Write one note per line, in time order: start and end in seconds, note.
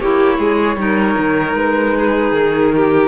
0.00 0.38 A#3
0.00 0.77 E4
0.00 0.38 G4
0.00 1.56 C#5
0.38 0.76 G#3
0.38 0.77 G#4
0.76 1.15 G3
0.76 3.08 D#4
0.76 1.97 A#4
1.18 1.54 D#3
1.54 2.32 G#3
1.54 2.33 B4
1.97 2.75 G#4
2.32 3.08 D#3
2.32 3.08 A#4
2.75 3.08 G4